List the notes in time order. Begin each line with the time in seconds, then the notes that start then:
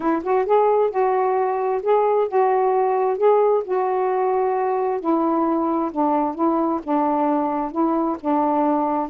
0.00 E4
0.23 F#4
0.45 G#4
0.90 F#4
1.82 G#4
2.27 F#4
3.17 G#4
3.64 F#4
5.00 E4
5.91 D4
6.35 E4
6.83 D4
7.71 E4
8.20 D4